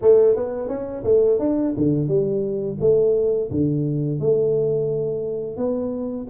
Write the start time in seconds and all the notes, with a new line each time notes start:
0.01 A3
0.36 B3
0.68 C#4
1.04 A3
1.39 D4
1.76 D3
2.07 G3
2.80 A3
3.50 D3
4.19 A3
5.57 B3